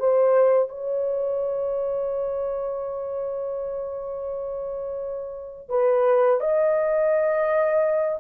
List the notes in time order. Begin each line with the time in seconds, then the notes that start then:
0.00 C5
0.69 C#5
5.69 B4
6.40 D#5